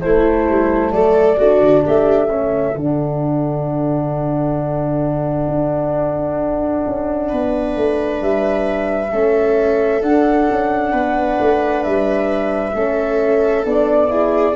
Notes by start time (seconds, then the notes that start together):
0.00 A3 E4 C5
0.48 G3
0.91 F#3 A4 D5
1.37 A3 D4 F#4
1.60 D3
1.85 A3 G4 E5
2.28 C#4 A4
2.74 D3 D4 F#5
5.48 D4
6.86 C#4
7.28 B3 B4
7.76 A3
8.21 G3 E5
9.11 A3 C#4 A4
10.02 D4 F#5
10.50 C#4
10.91 B3 B4
11.40 A3
11.83 G3 E5
12.74 A3 C#4 A4
13.65 B3 D4 D5
14.09 E4 G#4